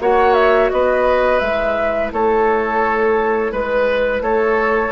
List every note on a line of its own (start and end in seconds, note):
0.00 0.71 A#3
0.00 1.41 F#4
0.00 0.72 C#5
0.00 0.34 F#5
0.34 0.69 E5
0.70 1.41 B3
0.70 2.13 B4
0.70 1.39 D#5
1.39 2.11 G#3
1.39 4.92 E4
1.39 2.09 E5
2.12 3.52 A3
2.12 3.52 A4
2.12 3.54 C#5
3.52 4.21 G#3
3.52 4.22 B4
3.52 4.23 B4
4.21 4.91 A3
4.21 4.92 A4
4.21 4.92 C#5